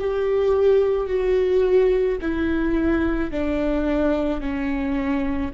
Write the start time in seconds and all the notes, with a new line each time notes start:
0.00 G4
1.07 F#4
2.21 E4
3.31 D4
4.40 C#4